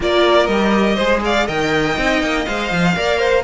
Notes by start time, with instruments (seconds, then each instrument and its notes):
0.00 cello A#3, viola F4, violin A#4 D5
0.46 cello G3, viola G4, violin D#5
0.95 cello G#3, viola G#4, violin C5
1.24 violin D5 F5
1.46 cello D#3, viola A#4, violin D#5 G5
1.96 cello C4, viola D#4
2.21 cello A#3
2.45 cello G#3, viola C5, violin F5
2.71 cello F3
2.95 cello A#3, viola A#4, violin D5
3.18 violin C5